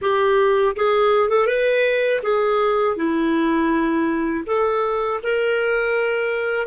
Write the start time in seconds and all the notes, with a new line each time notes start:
0.01 G4
0.76 G#4
1.29 A4
1.46 B4
2.22 G#4
2.96 E4
4.46 A4
5.23 A#4